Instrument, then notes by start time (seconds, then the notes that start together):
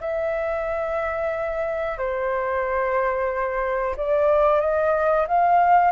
flute
0.00 E5
1.98 C5
3.97 D5
4.60 D#5
5.27 F5